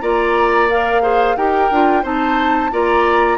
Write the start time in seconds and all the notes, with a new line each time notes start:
0.00 A#3 F4 D5 A#5
0.70 A#4 F5
1.02 G#4 C5
1.37 D#4 G4 A#4 G5
1.71 D4 F4
2.03 C4 D#4 C5 A5
2.72 A#3 F4 D5 A#5